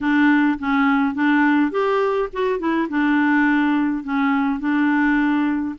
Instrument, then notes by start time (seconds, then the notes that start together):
clarinet
0.00 D4
0.58 C#4
1.14 D4
1.71 G4
2.32 F#4
2.59 E4
2.89 D4
4.03 C#4
4.59 D4